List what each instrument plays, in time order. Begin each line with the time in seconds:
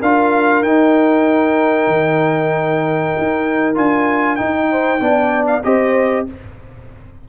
0.00 tuba D4, trombone F4, horn A#4, trumpet F5
0.62 tuba D#4, trombone D#4, trumpet G5
1.87 tuba D#3
3.18 tuba D#4
3.75 tuba D4, trombone F4, trumpet G#5
4.35 trombone D#4, tuba D#4, trumpet G5
4.71 horn C5
5.00 tuba B3, trombone D4, horn D5
5.47 trumpet F5
5.64 tuba C4, trombone G4, horn C5, trumpet D#5